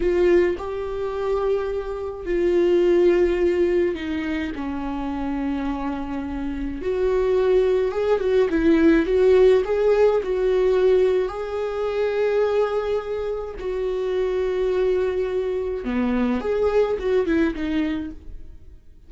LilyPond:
\new Staff \with { instrumentName = "viola" } { \time 4/4 \tempo 4 = 106 f'4 g'2. | f'2. dis'4 | cis'1 | fis'2 gis'8 fis'8 e'4 |
fis'4 gis'4 fis'2 | gis'1 | fis'1 | b4 gis'4 fis'8 e'8 dis'4 | }